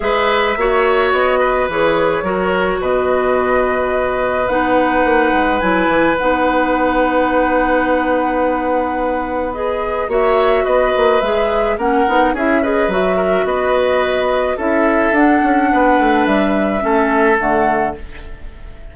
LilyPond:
<<
  \new Staff \with { instrumentName = "flute" } { \time 4/4 \tempo 4 = 107 e''2 dis''4 cis''4~ | cis''4 dis''2. | fis''2 gis''4 fis''4~ | fis''1~ |
fis''4 dis''4 e''4 dis''4 | e''4 fis''4 e''8 dis''8 e''4 | dis''2 e''4 fis''4~ | fis''4 e''2 fis''4 | }
  \new Staff \with { instrumentName = "oboe" } { \time 4/4 b'4 cis''4. b'4. | ais'4 b'2.~ | b'1~ | b'1~ |
b'2 cis''4 b'4~ | b'4 ais'4 gis'8 b'4 ais'8 | b'2 a'2 | b'2 a'2 | }
  \new Staff \with { instrumentName = "clarinet" } { \time 4/4 gis'4 fis'2 gis'4 | fis'1 | dis'2 e'4 dis'4~ | dis'1~ |
dis'4 gis'4 fis'2 | gis'4 cis'8 dis'8 e'8 gis'8 fis'4~ | fis'2 e'4 d'4~ | d'2 cis'4 a4 | }
  \new Staff \with { instrumentName = "bassoon" } { \time 4/4 gis4 ais4 b4 e4 | fis4 b,2. | b4 ais8 gis8 fis8 e8 b4~ | b1~ |
b2 ais4 b8 ais8 | gis4 ais8 b8 cis'4 fis4 | b2 cis'4 d'8 cis'8 | b8 a8 g4 a4 d4 | }
>>